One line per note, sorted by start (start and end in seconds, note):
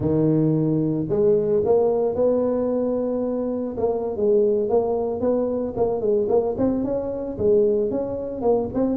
0.00 1.06 D#3
1.09 1.62 G#3
1.65 2.15 A#3
2.15 3.75 B3
3.77 4.16 A#3
4.16 4.69 G#3
4.69 5.20 A#3
5.20 5.73 B3
5.76 6.00 A#3
6.00 6.27 G#3
6.28 6.55 A#3
6.57 6.84 C4
6.84 7.37 C#4
7.38 7.90 G#3
7.90 8.41 C#4
8.41 8.68 A#3
8.74 8.97 C4